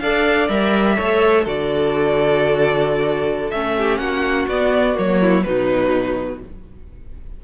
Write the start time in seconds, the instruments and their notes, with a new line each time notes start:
0.00 cello D4, viola A4, violin D5 F5
0.48 cello G3, viola A#4, violin E5
0.96 cello A3, viola A4, violin C#5
1.44 cello D3, viola F#4, violin A4 D5
3.51 cello A3, viola C#4, violin E5
3.77 violin G4
3.97 cello A#3, violin F#4 F#5
4.48 cello B3, viola B3, violin D5
4.94 cello F#3, viola A#3, violin C#5
5.20 violin E4
5.43 cello B2, viola F#3, violin D#4 B4